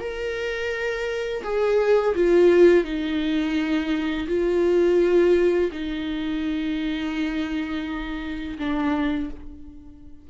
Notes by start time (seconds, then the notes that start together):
0.00 A#4
1.44 G#4
2.15 F4
2.84 D#4
4.28 F4
5.72 D#4
8.58 D4